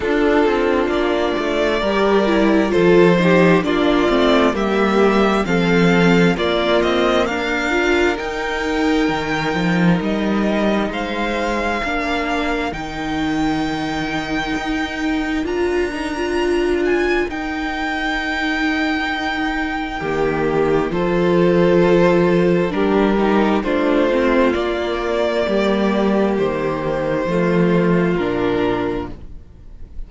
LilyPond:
<<
  \new Staff \with { instrumentName = "violin" } { \time 4/4 \tempo 4 = 66 a'4 d''2 c''4 | d''4 e''4 f''4 d''8 dis''8 | f''4 g''2 dis''4 | f''2 g''2~ |
g''4 ais''4. gis''8 g''4~ | g''2. c''4~ | c''4 ais'4 c''4 d''4~ | d''4 c''2 ais'4 | }
  \new Staff \with { instrumentName = "violin" } { \time 4/4 f'2 ais'4 a'8 g'8 | f'4 g'4 a'4 f'4 | ais'1 | c''4 ais'2.~ |
ais'1~ | ais'2 g'4 a'4~ | a'4 g'4 f'2 | g'2 f'2 | }
  \new Staff \with { instrumentName = "viola" } { \time 4/4 d'2 g'8 e'8 f'8 dis'8 | d'8 c'8 ais4 c'4 ais4~ | ais8 f'8 dis'2.~ | dis'4 d'4 dis'2~ |
dis'4 f'8 dis'16 f'4~ f'16 dis'4~ | dis'2 ais4 f'4~ | f'4 d'8 dis'8 d'8 c'8 ais4~ | ais2 a4 d'4 | }
  \new Staff \with { instrumentName = "cello" } { \time 4/4 d'8 c'8 ais8 a8 g4 f4 | ais8 a8 g4 f4 ais8 c'8 | d'4 dis'4 dis8 f8 g4 | gis4 ais4 dis2 |
dis'4 d'2 dis'4~ | dis'2 dis4 f4~ | f4 g4 a4 ais4 | g4 dis4 f4 ais,4 | }
>>